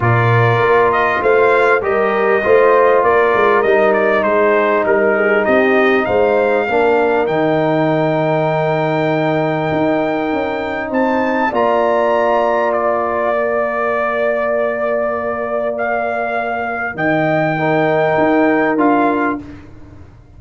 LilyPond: <<
  \new Staff \with { instrumentName = "trumpet" } { \time 4/4 \tempo 4 = 99 d''4. dis''8 f''4 dis''4~ | dis''4 d''4 dis''8 d''8 c''4 | ais'4 dis''4 f''2 | g''1~ |
g''2 a''4 ais''4~ | ais''4 d''2.~ | d''2 f''2 | g''2. f''4 | }
  \new Staff \with { instrumentName = "horn" } { \time 4/4 ais'2 c''4 ais'4 | c''4 ais'2 gis'4 | ais'8 gis'8 g'4 c''4 ais'4~ | ais'1~ |
ais'2 c''4 d''4~ | d''1~ | d''1 | dis''4 ais'2. | }
  \new Staff \with { instrumentName = "trombone" } { \time 4/4 f'2. g'4 | f'2 dis'2~ | dis'2. d'4 | dis'1~ |
dis'2. f'4~ | f'2 ais'2~ | ais'1~ | ais'4 dis'2 f'4 | }
  \new Staff \with { instrumentName = "tuba" } { \time 4/4 ais,4 ais4 a4 g4 | a4 ais8 gis8 g4 gis4 | g4 c'4 gis4 ais4 | dis1 |
dis'4 cis'4 c'4 ais4~ | ais1~ | ais1 | dis2 dis'4 d'4 | }
>>